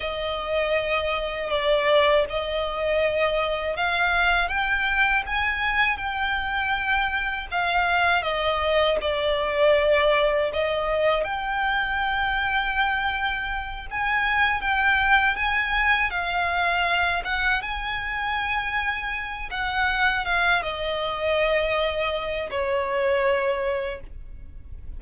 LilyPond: \new Staff \with { instrumentName = "violin" } { \time 4/4 \tempo 4 = 80 dis''2 d''4 dis''4~ | dis''4 f''4 g''4 gis''4 | g''2 f''4 dis''4 | d''2 dis''4 g''4~ |
g''2~ g''8 gis''4 g''8~ | g''8 gis''4 f''4. fis''8 gis''8~ | gis''2 fis''4 f''8 dis''8~ | dis''2 cis''2 | }